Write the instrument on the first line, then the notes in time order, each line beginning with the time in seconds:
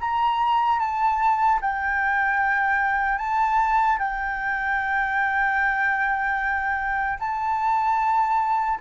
flute
0.00 A#5
0.79 A5
1.61 G5
3.18 A5
3.99 G5
7.19 A5